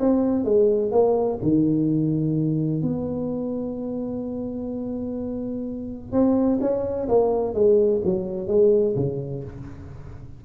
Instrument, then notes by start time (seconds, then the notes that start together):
tuba
0.00 C4
0.45 G#3
0.92 A#3
1.43 D#3
2.82 B3
6.12 C4
6.61 C#4
7.09 A#3
7.54 G#3
8.05 F#3
8.48 G#3
8.97 C#3